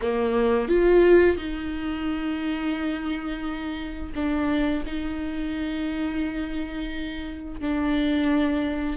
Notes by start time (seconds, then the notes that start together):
0.01 A#3
0.68 F4
1.37 D#4
4.15 D4
4.86 D#4
7.60 D4